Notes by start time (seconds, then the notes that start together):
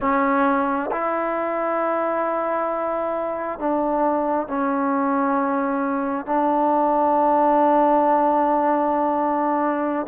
0.00 C#4
0.91 E4
3.59 D4
4.47 C#4
6.25 D4